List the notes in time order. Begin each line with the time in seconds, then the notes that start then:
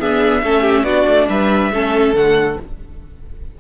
0.00 B3 D4 G#4 E5
0.42 A3 C#4 A4
0.62 G4
0.84 B3 D4 F#4 D5
1.07 A3
1.29 G3 B4 E5
1.72 A3 C#4 A4
2.14 D3 A3 F#5